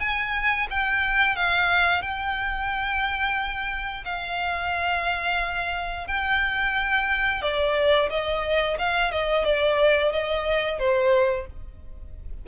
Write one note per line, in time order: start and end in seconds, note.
0.00 0.67 G#5
0.70 1.36 G5
1.36 2.02 F5
2.02 4.04 G5
4.05 6.08 F5
6.08 7.42 G5
7.42 8.10 D5
8.10 8.78 D#5
8.79 9.12 F5
9.12 9.45 D#5
9.45 10.12 D5
10.12 10.80 D#5
10.80 11.47 C5